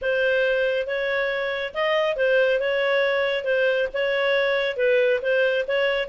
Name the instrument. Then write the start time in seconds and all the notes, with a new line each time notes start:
clarinet
0.01 C5
0.86 C#5
1.74 D#5
2.16 C5
2.59 C#5
3.44 C5
3.93 C#5
4.76 B4
5.22 C5
5.67 C#5